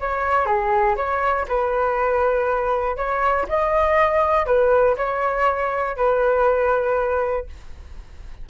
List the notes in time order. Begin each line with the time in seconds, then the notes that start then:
0.00 C#5
0.46 G#4
0.96 C#5
1.48 B4
2.97 C#5
3.49 D#5
4.46 B4
4.97 C#5
5.97 B4